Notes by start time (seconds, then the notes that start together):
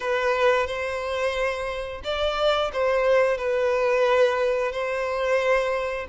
0.00 B4
0.66 C5
2.03 D5
2.72 C5
3.37 B4
4.72 C5